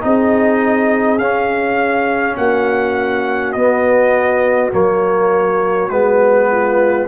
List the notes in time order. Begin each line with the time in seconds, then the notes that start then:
0.00 C4 D#4 G#4 D#5
1.18 C#4 F5
2.37 A#3 F#4 F#5
3.52 B3 D#5
4.71 F#3 A#3 C#5
5.89 G#3 B3 B4
6.50 F4